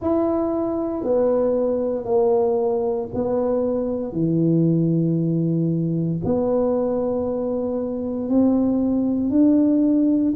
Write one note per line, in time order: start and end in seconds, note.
0.01 1.03 E4
1.03 2.04 B3
2.04 3.08 A#3
3.14 4.12 B3
4.12 6.19 E3
6.24 8.28 B3
8.28 9.30 C4
9.30 10.33 D4